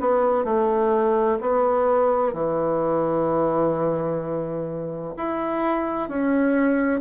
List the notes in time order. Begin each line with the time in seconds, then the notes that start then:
0.00 B3
0.44 A3
1.41 B3
2.33 E3
5.17 E4
6.09 C#4